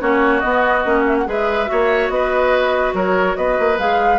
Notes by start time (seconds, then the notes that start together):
0.00 A#3 C#4 F#4 C#5
0.40 B3 D#5
0.85 A#3 C#4
1.07 E5
1.18 F#5
1.26 G#3 G#4 B4 E5
1.66 A#3 F#4 C#5
2.10 B3 B4 D#5
2.94 F#3 A#4 C#5
3.36 B3 B4 D#5
3.59 A#3
3.79 G#3 G#4 F5